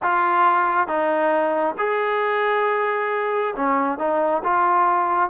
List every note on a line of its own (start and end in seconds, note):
0.02 0.87 F4
0.87 1.75 D#4
1.78 3.54 G#4
3.56 3.98 C#4
3.98 4.42 D#4
4.43 5.29 F4